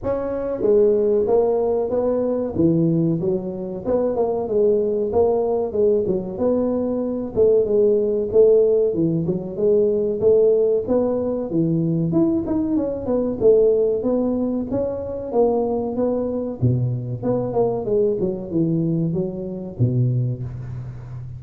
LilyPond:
\new Staff \with { instrumentName = "tuba" } { \time 4/4 \tempo 4 = 94 cis'4 gis4 ais4 b4 | e4 fis4 b8 ais8 gis4 | ais4 gis8 fis8 b4. a8 | gis4 a4 e8 fis8 gis4 |
a4 b4 e4 e'8 dis'8 | cis'8 b8 a4 b4 cis'4 | ais4 b4 b,4 b8 ais8 | gis8 fis8 e4 fis4 b,4 | }